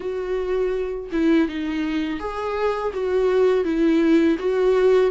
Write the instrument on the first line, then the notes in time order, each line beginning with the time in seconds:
viola
0.00 F#4
1.11 E4
1.48 D#4
2.19 G#4
2.93 F#4
3.64 E4
4.38 F#4